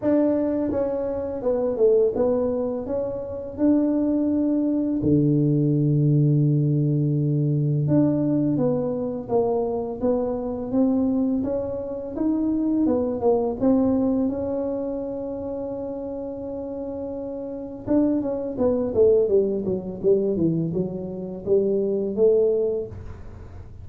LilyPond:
\new Staff \with { instrumentName = "tuba" } { \time 4/4 \tempo 4 = 84 d'4 cis'4 b8 a8 b4 | cis'4 d'2 d4~ | d2. d'4 | b4 ais4 b4 c'4 |
cis'4 dis'4 b8 ais8 c'4 | cis'1~ | cis'4 d'8 cis'8 b8 a8 g8 fis8 | g8 e8 fis4 g4 a4 | }